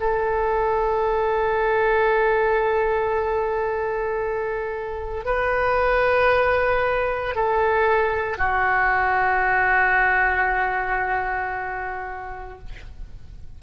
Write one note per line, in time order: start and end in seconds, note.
0.00 5.24 A4
5.24 7.35 B4
7.35 8.37 A4
8.37 12.58 F#4